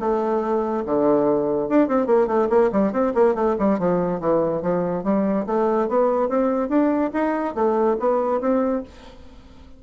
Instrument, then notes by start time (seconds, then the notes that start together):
bassoon
0.00 A3
0.86 D3
1.69 D4
1.89 C4
2.07 A#3
2.28 A3
2.50 A#3
2.72 G3
2.93 C4
3.15 A#3
3.35 A3
3.59 G3
3.79 F3
4.20 E3
4.62 F3
5.04 G3
5.47 A3
5.89 B3
6.29 C4
6.69 D4
7.14 D#4
7.55 A3
8.00 B3
8.41 C4